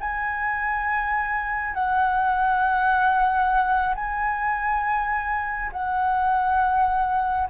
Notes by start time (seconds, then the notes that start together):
0.00 G#5
1.74 F#5
3.95 G#5
5.72 F#5